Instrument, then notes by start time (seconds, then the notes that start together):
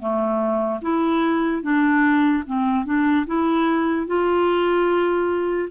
clarinet
0.00 A3
0.82 E4
1.63 D4
2.47 C4
2.86 D4
3.27 E4
4.07 F4